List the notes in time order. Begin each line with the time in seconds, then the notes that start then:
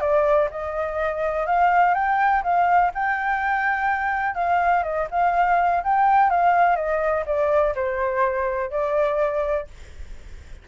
0.00 D5
0.51 D#5
1.46 F5
1.94 G5
2.43 F5
2.94 G5
4.35 F5
4.83 D#5
5.10 F5
5.84 G5
6.30 F5
6.76 D#5
7.26 D5
7.75 C5
8.70 D5